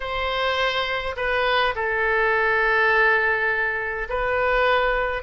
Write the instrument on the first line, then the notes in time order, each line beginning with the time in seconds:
oboe
0.00 C5
1.16 B4
1.75 A4
4.09 B4